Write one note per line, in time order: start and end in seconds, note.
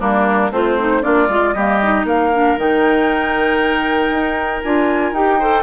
0.00 0.51 G3
0.00 0.51 A#3
0.00 0.51 D4
0.00 0.52 A#4
0.51 1.02 A3
0.51 1.02 C4
0.51 0.79 F4
0.51 1.03 C5
0.79 1.02 D#4
1.02 1.29 A#3
1.02 1.28 D4
1.02 1.55 F4
1.02 1.53 D5
1.29 1.54 G#3
1.29 1.55 F4
1.53 2.04 G3
1.53 1.81 A#3
1.53 2.06 G4
1.53 2.04 D#5
1.82 2.33 D#4
2.04 2.56 A#3
2.04 5.38 A#4
2.04 2.59 F5
2.33 2.58 D4
2.58 4.10 D#3
2.58 4.63 D#4
2.58 4.62 G5
4.10 4.61 D#4
4.62 5.12 D4
4.62 5.15 F4
4.62 5.13 G#5
5.12 5.63 D#4
5.12 5.40 G4
5.12 5.63 G5
5.38 5.63 A4
5.38 5.63 C5